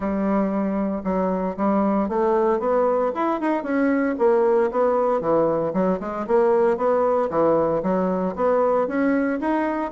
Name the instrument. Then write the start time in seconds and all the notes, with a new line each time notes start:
bassoon
0.00 G3
1.04 F#3
1.57 G3
2.08 A3
2.59 B3
3.14 E4
3.40 D#4
3.63 C#4
4.18 A#3
4.71 B3
5.20 E3
5.73 F#3
6.00 G#3
6.27 A#3
6.77 B3
7.30 E3
7.83 F#3
8.35 B3
8.87 C#4
9.40 D#4